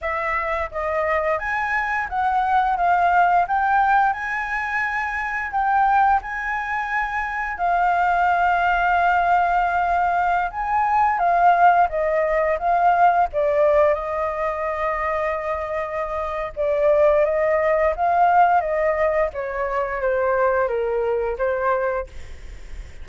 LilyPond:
\new Staff \with { instrumentName = "flute" } { \time 4/4 \tempo 4 = 87 e''4 dis''4 gis''4 fis''4 | f''4 g''4 gis''2 | g''4 gis''2 f''4~ | f''2.~ f''16 gis''8.~ |
gis''16 f''4 dis''4 f''4 d''8.~ | d''16 dis''2.~ dis''8. | d''4 dis''4 f''4 dis''4 | cis''4 c''4 ais'4 c''4 | }